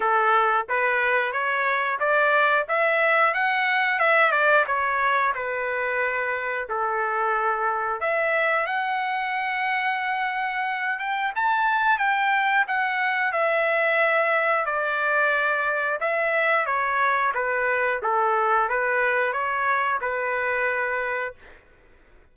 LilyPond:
\new Staff \with { instrumentName = "trumpet" } { \time 4/4 \tempo 4 = 90 a'4 b'4 cis''4 d''4 | e''4 fis''4 e''8 d''8 cis''4 | b'2 a'2 | e''4 fis''2.~ |
fis''8 g''8 a''4 g''4 fis''4 | e''2 d''2 | e''4 cis''4 b'4 a'4 | b'4 cis''4 b'2 | }